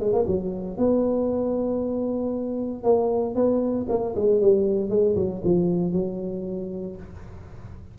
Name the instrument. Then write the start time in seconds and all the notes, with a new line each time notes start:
tuba
0.00 G#3
0.13 A#3
0.27 F#3
0.78 B3
2.84 A#3
3.35 B3
3.89 A#3
4.16 G#3
4.41 G3
4.90 G#3
5.16 F#3
5.45 F3
5.93 F#3